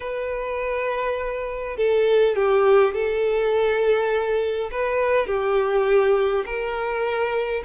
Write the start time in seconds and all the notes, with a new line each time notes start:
0.00 B4
1.76 A4
2.35 G4
2.94 A4
4.71 B4
5.26 G4
6.45 A#4